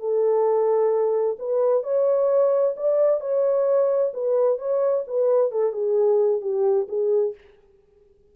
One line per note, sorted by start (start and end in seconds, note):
0.00 1.37 A4
1.39 1.84 B4
1.84 2.75 C#5
2.77 3.21 D5
3.21 4.13 C#5
4.14 4.59 B4
4.59 5.05 C#5
5.08 5.52 B4
5.52 5.73 A4
5.73 6.42 G#4
6.42 6.88 G4
6.89 7.35 G#4